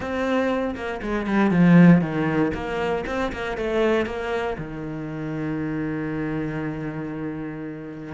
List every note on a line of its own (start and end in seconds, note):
0.00 0.74 C4
0.75 1.00 A#3
1.01 1.26 G#3
1.26 1.50 G3
1.50 2.01 F3
2.01 2.52 D#3
2.54 3.04 A#3
3.06 3.32 C4
3.32 3.57 A#3
3.57 4.06 A3
4.06 4.56 A#3
4.58 8.14 D#3